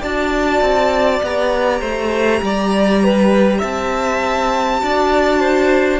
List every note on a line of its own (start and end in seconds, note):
0.00 0.61 D4
0.00 1.23 F#4
0.00 1.80 D5
0.00 1.23 A5
0.61 1.22 C4
1.23 1.81 B3
1.23 4.80 G4
1.23 3.61 A#5
1.80 2.41 A3
1.80 2.40 C5
2.42 3.62 G3
2.42 3.04 D5
3.04 3.59 B4
3.59 4.82 C4
3.59 4.79 E5
3.59 6.00 A5
4.80 6.00 D4
4.80 6.00 F#4
4.80 5.40 D5
5.40 6.00 C5